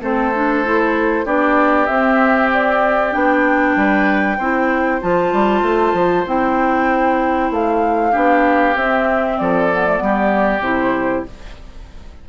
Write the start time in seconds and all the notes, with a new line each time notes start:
0.00 A3 C4 A4 C5
0.33 D4
0.64 E4
1.25 B3 D4 G4 D5
1.86 C4 E5
2.53 D5
3.11 B3 D4 G5
3.76 G3 B4
4.37 C4 E4 C5
5.01 F3 F4 A5
5.33 G3
5.62 A3
5.93 F3
6.26 C4 E4 G5
7.50 A3 F5
8.11 B3 D4 G4
8.75 C4 E5
9.38 F3 A4 D5
9.72 B3
9.86 A3
9.96 G3 B3
10.04 G4
10.60 C3 E4 C5